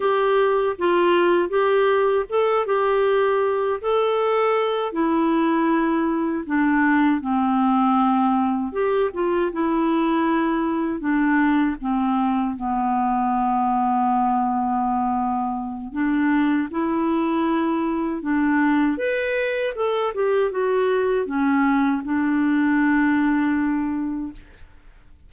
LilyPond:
\new Staff \with { instrumentName = "clarinet" } { \time 4/4 \tempo 4 = 79 g'4 f'4 g'4 a'8 g'8~ | g'4 a'4. e'4.~ | e'8 d'4 c'2 g'8 | f'8 e'2 d'4 c'8~ |
c'8 b2.~ b8~ | b4 d'4 e'2 | d'4 b'4 a'8 g'8 fis'4 | cis'4 d'2. | }